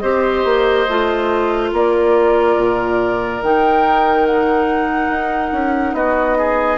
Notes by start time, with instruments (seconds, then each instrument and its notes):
0.00 bassoon C4, clarinet G4, oboe C5, flute D#5
0.45 bassoon A#3
0.89 bassoon A3, clarinet F4
1.73 bassoon A#3, oboe A#4, flute D5
2.57 bassoon A#2
3.43 bassoon D#3, clarinet D#4, flute G5
4.27 flute F#5
5.09 bassoon D#4
5.52 bassoon C#4
5.94 bassoon B3, oboe F#4, flute D#5
6.38 oboe G#4